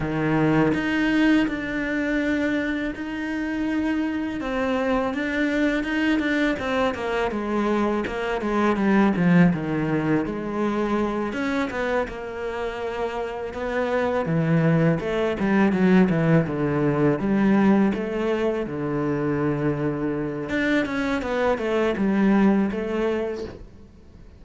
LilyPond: \new Staff \with { instrumentName = "cello" } { \time 4/4 \tempo 4 = 82 dis4 dis'4 d'2 | dis'2 c'4 d'4 | dis'8 d'8 c'8 ais8 gis4 ais8 gis8 | g8 f8 dis4 gis4. cis'8 |
b8 ais2 b4 e8~ | e8 a8 g8 fis8 e8 d4 g8~ | g8 a4 d2~ d8 | d'8 cis'8 b8 a8 g4 a4 | }